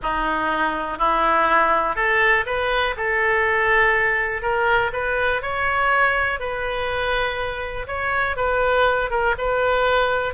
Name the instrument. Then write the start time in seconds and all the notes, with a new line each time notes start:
oboe
0.02 D#4
0.98 E4
1.95 A4
2.46 B4
2.96 A4
4.42 A#4
4.92 B4
5.41 C#5
6.39 B4
7.87 C#5
8.36 B4
9.10 A#4
9.38 B4